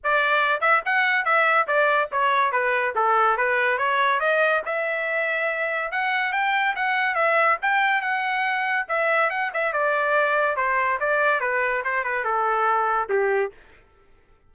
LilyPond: \new Staff \with { instrumentName = "trumpet" } { \time 4/4 \tempo 4 = 142 d''4. e''8 fis''4 e''4 | d''4 cis''4 b'4 a'4 | b'4 cis''4 dis''4 e''4~ | e''2 fis''4 g''4 |
fis''4 e''4 g''4 fis''4~ | fis''4 e''4 fis''8 e''8 d''4~ | d''4 c''4 d''4 b'4 | c''8 b'8 a'2 g'4 | }